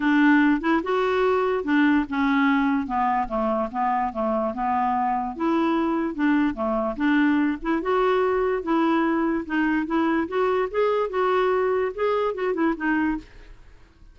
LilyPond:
\new Staff \with { instrumentName = "clarinet" } { \time 4/4 \tempo 4 = 146 d'4. e'8 fis'2 | d'4 cis'2 b4 | a4 b4 a4 b4~ | b4 e'2 d'4 |
a4 d'4. e'8 fis'4~ | fis'4 e'2 dis'4 | e'4 fis'4 gis'4 fis'4~ | fis'4 gis'4 fis'8 e'8 dis'4 | }